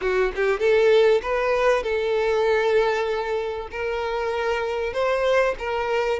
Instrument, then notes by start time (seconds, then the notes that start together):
violin
0.01 F#4
0.35 G4
0.59 A4
1.22 B4
1.82 A4
3.71 A#4
4.93 C5
5.58 A#4